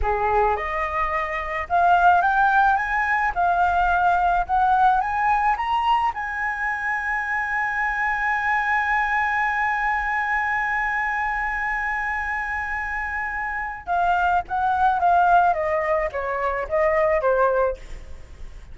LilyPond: \new Staff \with { instrumentName = "flute" } { \time 4/4 \tempo 4 = 108 gis'4 dis''2 f''4 | g''4 gis''4 f''2 | fis''4 gis''4 ais''4 gis''4~ | gis''1~ |
gis''1~ | gis''1~ | gis''4 f''4 fis''4 f''4 | dis''4 cis''4 dis''4 c''4 | }